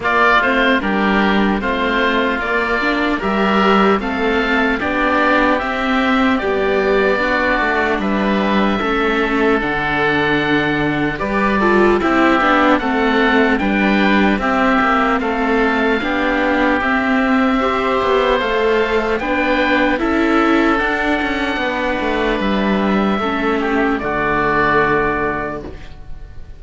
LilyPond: <<
  \new Staff \with { instrumentName = "oboe" } { \time 4/4 \tempo 4 = 75 d''8 c''8 ais'4 c''4 d''4 | e''4 f''4 d''4 e''4 | d''2 e''2 | fis''2 d''4 e''4 |
fis''4 g''4 e''4 f''4~ | f''4 e''2 f''4 | g''4 e''4 fis''2 | e''2 d''2 | }
  \new Staff \with { instrumentName = "oboe" } { \time 4/4 f'4 g'4 f'2 | ais'4 a'4 g'2~ | g'4 fis'4 b'4 a'4~ | a'2 b'8 a'8 g'4 |
a'4 b'4 g'4 a'4 | g'2 c''2 | b'4 a'2 b'4~ | b'4 a'8 g'8 fis'2 | }
  \new Staff \with { instrumentName = "viola" } { \time 4/4 ais8 c'8 d'4 c'4 ais8 d'8 | g'4 c'4 d'4 c'4 | g4 d'2 cis'4 | d'2 g'8 f'8 e'8 d'8 |
c'4 d'4 c'2 | d'4 c'4 g'4 a'4 | d'4 e'4 d'2~ | d'4 cis'4 a2 | }
  \new Staff \with { instrumentName = "cello" } { \time 4/4 ais8 a8 g4 a4 ais4 | g4 a4 b4 c'4 | b4. a8 g4 a4 | d2 g4 c'8 b8 |
a4 g4 c'8 ais8 a4 | b4 c'4. b8 a4 | b4 cis'4 d'8 cis'8 b8 a8 | g4 a4 d2 | }
>>